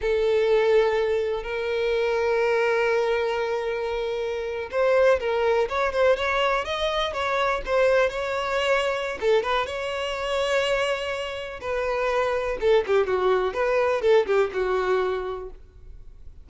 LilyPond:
\new Staff \with { instrumentName = "violin" } { \time 4/4 \tempo 4 = 124 a'2. ais'4~ | ais'1~ | ais'4.~ ais'16 c''4 ais'4 cis''16~ | cis''16 c''8 cis''4 dis''4 cis''4 c''16~ |
c''8. cis''2~ cis''16 a'8 b'8 | cis''1 | b'2 a'8 g'8 fis'4 | b'4 a'8 g'8 fis'2 | }